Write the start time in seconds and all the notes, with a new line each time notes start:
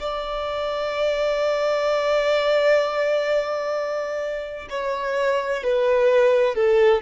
0.00 D5
4.70 C#5
5.64 B4
6.55 A4